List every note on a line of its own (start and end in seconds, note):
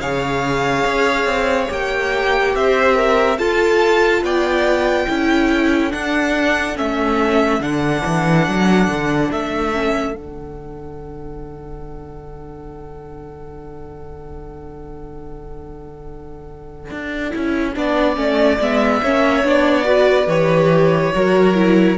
0.00 0.85 C#3
0.00 1.68 G#4
0.00 2.54 C#5
0.00 1.69 F5
0.85 1.25 C#4
1.25 1.67 C4
1.68 2.55 A#3
1.68 3.37 G4
1.68 2.55 G5
2.55 3.38 C4
2.55 2.96 C5
2.55 3.38 E5
2.96 3.38 A#4
3.38 4.22 F4
3.38 5.07 F4
3.38 4.23 A4
3.38 4.23 A5
4.22 5.06 B3
4.22 5.06 D5
4.22 5.92 G5
5.06 5.93 C#4
5.06 5.90 E4
5.06 17.74 A4
5.90 6.75 D4
5.90 6.78 D4
5.90 6.77 F#5
6.76 7.59 A3
6.76 7.60 C#4
6.76 7.62 E5
7.59 8.02 D3
7.59 9.72 D4
7.59 9.31 F#5
8.06 8.48 E3
8.48 8.88 F#3
8.88 9.30 D3
9.31 10.14 A3
9.31 10.15 E5
9.73 10.12 C#4
10.12 16.90 D3
10.12 17.31 D4
10.12 18.61 F#5
16.90 17.33 D4
17.31 17.76 C#4
17.31 17.73 E4
17.75 18.16 B3
17.75 18.15 D4
17.75 19.02 D5
18.15 18.58 A3
18.15 18.58 C#4
18.59 19.01 G#3
18.59 19.03 B3
18.59 19.46 E5
19.02 19.44 A#3
19.02 19.44 C#4
19.02 19.85 C#5
19.44 20.27 B3
19.44 19.84 D4
19.44 20.29 D5
19.84 20.26 F#4
19.84 21.12 B4
20.27 21.11 E3
20.27 21.14 G4
20.27 21.98 C#5
21.14 21.98 F#3
21.14 21.55 F#4
21.14 21.98 A#4
21.55 21.97 E4